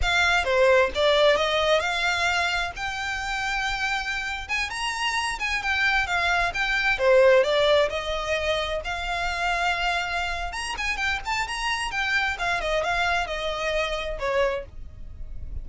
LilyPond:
\new Staff \with { instrumentName = "violin" } { \time 4/4 \tempo 4 = 131 f''4 c''4 d''4 dis''4 | f''2 g''2~ | g''4.~ g''16 gis''8 ais''4. gis''16~ | gis''16 g''4 f''4 g''4 c''8.~ |
c''16 d''4 dis''2 f''8.~ | f''2. ais''8 gis''8 | g''8 a''8 ais''4 g''4 f''8 dis''8 | f''4 dis''2 cis''4 | }